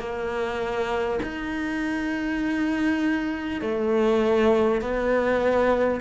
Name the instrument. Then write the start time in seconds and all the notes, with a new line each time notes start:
cello
0.00 A#3
1.23 D#4
3.62 A3
4.82 B3